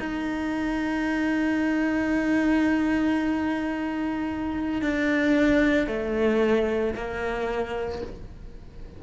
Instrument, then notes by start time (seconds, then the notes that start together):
cello
0.00 D#4
4.82 D4
5.87 A3
6.95 A#3